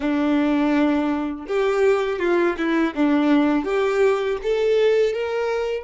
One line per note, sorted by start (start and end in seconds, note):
0.00 1.46 D4
1.47 2.19 G4
2.19 2.55 F4
2.57 2.94 E4
2.94 3.64 D4
3.64 4.37 G4
4.43 5.13 A4
5.13 5.83 A#4